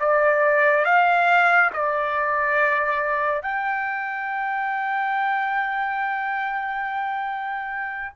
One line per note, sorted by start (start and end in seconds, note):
0.00 0.85 D5
0.85 1.71 F5
1.74 3.42 D5
3.42 8.14 G5